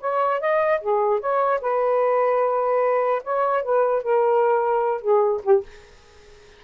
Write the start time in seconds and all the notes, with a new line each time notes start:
0.00 C#5
0.40 D#5
0.81 G#4
1.20 C#5
1.61 B4
3.23 C#5
3.62 B4
4.03 A#4
5.01 G#4
5.43 G4